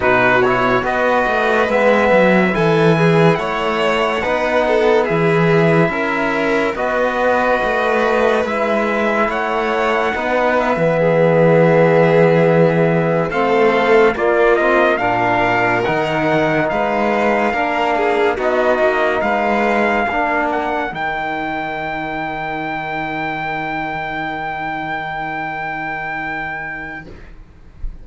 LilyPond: <<
  \new Staff \with { instrumentName = "trumpet" } { \time 4/4 \tempo 4 = 71 b'8 cis''8 dis''4 e''4 gis''4 | fis''2 e''2 | dis''2 e''4 fis''4~ | fis''8 e''2.~ e''16 f''16~ |
f''8. d''8 dis''8 f''4 fis''4 f''16~ | f''4.~ f''16 dis''4 f''4~ f''16~ | f''16 fis''8 g''2.~ g''16~ | g''1 | }
  \new Staff \with { instrumentName = "violin" } { \time 4/4 fis'4 b'2 a'8 gis'8 | cis''4 b'8 a'8 gis'4 ais'4 | b'2. cis''4 | b'4 gis'2~ gis'8. a'16~ |
a'8. f'4 ais'2 b'16~ | b'8. ais'8 gis'8 fis'4 b'4 ais'16~ | ais'1~ | ais'1 | }
  \new Staff \with { instrumentName = "trombone" } { \time 4/4 dis'8 e'8 fis'4 b4 e'4~ | e'4 dis'4 e'2 | fis'2 e'2 | dis'8. b2. c'16~ |
c'8. ais8 c'8 d'4 dis'4~ dis'16~ | dis'8. d'4 dis'2 d'16~ | d'8. dis'2.~ dis'16~ | dis'1 | }
  \new Staff \with { instrumentName = "cello" } { \time 4/4 b,4 b8 a8 gis8 fis8 e4 | a4 b4 e4 cis'4 | b4 a4 gis4 a4 | b8. e2. a16~ |
a8. ais4 ais,4 dis4 gis16~ | gis8. ais4 b8 ais8 gis4 ais16~ | ais8. dis2.~ dis16~ | dis1 | }
>>